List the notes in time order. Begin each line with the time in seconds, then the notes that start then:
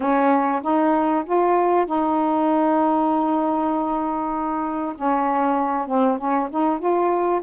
0.00 C#4
0.62 D#4
1.25 F4
1.86 D#4
4.95 C#4
5.87 C4
6.18 C#4
6.50 D#4
6.79 F4